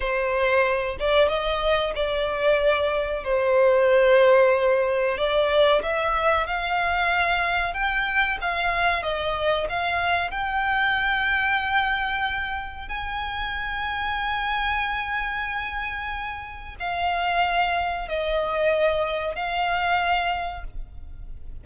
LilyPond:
\new Staff \with { instrumentName = "violin" } { \time 4/4 \tempo 4 = 93 c''4. d''8 dis''4 d''4~ | d''4 c''2. | d''4 e''4 f''2 | g''4 f''4 dis''4 f''4 |
g''1 | gis''1~ | gis''2 f''2 | dis''2 f''2 | }